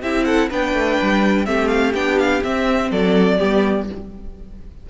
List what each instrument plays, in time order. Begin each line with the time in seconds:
0.00 cello C4, viola E4, violin G4 E5
0.25 violin A4 F#5
0.50 cello B3, viola D4, violin B4 G5
0.74 cello A3
1.02 cello G3
1.46 cello A3, viola C4, violin G4 E5
1.68 violin F5
1.94 cello B3, viola D4, violin G5
2.19 violin F5
2.43 viola C4, cello C4, violin E5
2.90 cello F#3, violin A4 D5
3.38 cello G3, viola B3, violin G4